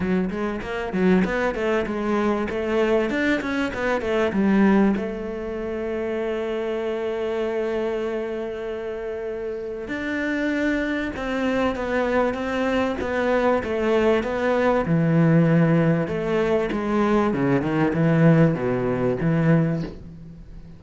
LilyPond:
\new Staff \with { instrumentName = "cello" } { \time 4/4 \tempo 4 = 97 fis8 gis8 ais8 fis8 b8 a8 gis4 | a4 d'8 cis'8 b8 a8 g4 | a1~ | a1 |
d'2 c'4 b4 | c'4 b4 a4 b4 | e2 a4 gis4 | cis8 dis8 e4 b,4 e4 | }